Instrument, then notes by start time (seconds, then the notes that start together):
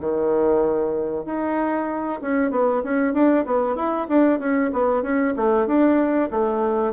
bassoon
0.00 D#3
1.25 D#4
2.21 C#4
2.50 B3
2.83 C#4
3.13 D4
3.45 B3
3.76 E4
4.08 D4
4.39 C#4
4.72 B3
5.02 C#4
5.36 A3
5.67 D4
6.31 A3